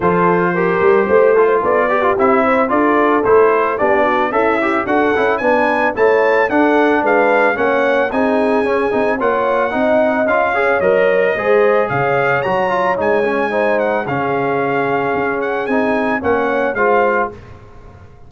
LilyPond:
<<
  \new Staff \with { instrumentName = "trumpet" } { \time 4/4 \tempo 4 = 111 c''2. d''4 | e''4 d''4 c''4 d''4 | e''4 fis''4 gis''4 a''4 | fis''4 f''4 fis''4 gis''4~ |
gis''4 fis''2 f''4 | dis''2 f''4 ais''4 | gis''4. fis''8 f''2~ | f''8 fis''8 gis''4 fis''4 f''4 | }
  \new Staff \with { instrumentName = "horn" } { \time 4/4 a'4 ais'4 c''8 a'16 c''16 a'8 g'8~ | g'8 c''8 a'2 g'8 fis'8 | e'4 a'4 b'4 cis''4 | a'4 b'4 cis''4 gis'4~ |
gis'4 cis''4 dis''4. cis''8~ | cis''4 c''4 cis''2~ | cis''4 c''4 gis'2~ | gis'2 cis''4 c''4 | }
  \new Staff \with { instrumentName = "trombone" } { \time 4/4 f'4 g'4. f'4 g'16 f'16 | e'4 f'4 e'4 d'4 | a'8 g'8 fis'8 e'8 d'4 e'4 | d'2 cis'4 dis'4 |
cis'8 dis'8 f'4 dis'4 f'8 gis'8 | ais'4 gis'2 fis'8 f'8 | dis'8 cis'8 dis'4 cis'2~ | cis'4 dis'4 cis'4 f'4 | }
  \new Staff \with { instrumentName = "tuba" } { \time 4/4 f4. g8 a4 b4 | c'4 d'4 a4 b4 | cis'4 d'8 cis'8 b4 a4 | d'4 gis4 ais4 c'4 |
cis'8 c'8 ais4 c'4 cis'4 | fis4 gis4 cis4 fis4 | gis2 cis2 | cis'4 c'4 ais4 gis4 | }
>>